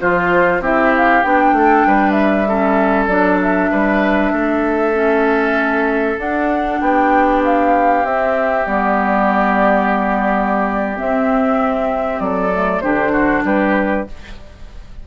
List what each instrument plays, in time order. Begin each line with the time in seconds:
0.00 bassoon F3, clarinet F4, oboe F4, flute C5
0.61 bassoon C4, clarinet E4, oboe G4, flute E5
0.97 flute F5
1.23 bassoon B3, clarinet D4, flute G5
1.53 bassoon A3, oboe A4
1.86 bassoon G3, oboe B4
2.11 flute E5
2.48 clarinet C#4, oboe A4
3.07 bassoon F#3, clarinet D4, flute D5
3.42 flute E5
3.71 bassoon G3, oboe B4
4.32 bassoon A3, oboe A4
4.94 clarinet C#4
6.18 bassoon D4, clarinet D4, flute F#5
6.81 bassoon B3, oboe G4, flute G5
7.45 flute F5
8.04 bassoon C4, clarinet C4, flute E5
8.65 bassoon G3, clarinet B3, flute D5
10.96 clarinet C4, bassoon C4, flute E5
12.20 bassoon F#3, oboe A4, flute D5
12.52 clarinet A3
12.81 bassoon D3, clarinet D4, oboe G4, flute C5
13.12 oboe F#4
13.44 bassoon G3, oboe G4, flute B4